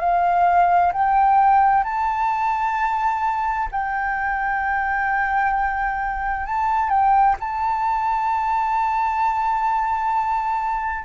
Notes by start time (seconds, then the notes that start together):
0.00 F5
0.93 G5
1.84 A5
3.72 G5
6.47 A5
6.90 G5
7.40 A5